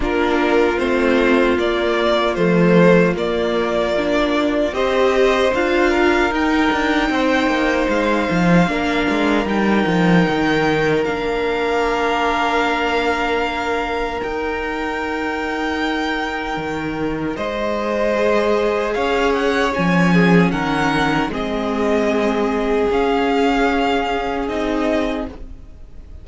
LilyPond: <<
  \new Staff \with { instrumentName = "violin" } { \time 4/4 \tempo 4 = 76 ais'4 c''4 d''4 c''4 | d''2 dis''4 f''4 | g''2 f''2 | g''2 f''2~ |
f''2 g''2~ | g''2 dis''2 | f''8 fis''8 gis''4 fis''4 dis''4~ | dis''4 f''2 dis''4 | }
  \new Staff \with { instrumentName = "violin" } { \time 4/4 f'1~ | f'2 c''4. ais'8~ | ais'4 c''2 ais'4~ | ais'1~ |
ais'1~ | ais'2 c''2 | cis''4. gis'8 ais'4 gis'4~ | gis'1 | }
  \new Staff \with { instrumentName = "viola" } { \time 4/4 d'4 c'4 ais4 a4 | ais4 d'4 g'4 f'4 | dis'2. d'4 | dis'2 d'2~ |
d'2 dis'2~ | dis'2. gis'4~ | gis'4 cis'2 c'4~ | c'4 cis'2 dis'4 | }
  \new Staff \with { instrumentName = "cello" } { \time 4/4 ais4 a4 ais4 f4 | ais2 c'4 d'4 | dis'8 d'8 c'8 ais8 gis8 f8 ais8 gis8 | g8 f8 dis4 ais2~ |
ais2 dis'2~ | dis'4 dis4 gis2 | cis'4 f4 dis4 gis4~ | gis4 cis'2 c'4 | }
>>